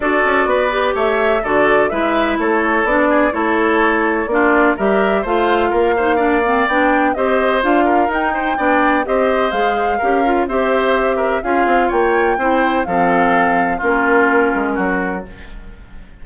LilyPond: <<
  \new Staff \with { instrumentName = "flute" } { \time 4/4 \tempo 4 = 126 d''2 e''4 d''4 | e''4 cis''4 d''4 cis''4~ | cis''4 d''4 e''4 f''4~ | f''2 g''4 dis''4 |
f''4 g''2 dis''4 | f''2 e''2 | f''4 g''2 f''4~ | f''4 ais'2. | }
  \new Staff \with { instrumentName = "oboe" } { \time 4/4 a'4 b'4 cis''4 a'4 | b'4 a'4. gis'8 a'4~ | a'4 f'4 ais'4 c''4 | ais'8 c''8 d''2 c''4~ |
c''8 ais'4 c''8 d''4 c''4~ | c''4 ais'4 c''4. ais'8 | gis'4 cis''4 c''4 a'4~ | a'4 f'2 fis'4 | }
  \new Staff \with { instrumentName = "clarinet" } { \time 4/4 fis'4. g'4. fis'4 | e'2 d'4 e'4~ | e'4 d'4 g'4 f'4~ | f'8 dis'8 d'8 c'8 d'4 g'4 |
f'4 dis'4 d'4 g'4 | gis'4 g'8 f'8 g'2 | f'2 e'4 c'4~ | c'4 cis'2. | }
  \new Staff \with { instrumentName = "bassoon" } { \time 4/4 d'8 cis'8 b4 a4 d4 | gis4 a4 b4 a4~ | a4 ais4 g4 a4 | ais2 b4 c'4 |
d'4 dis'4 b4 c'4 | gis4 cis'4 c'2 | cis'8 c'8 ais4 c'4 f4~ | f4 ais4. gis8 fis4 | }
>>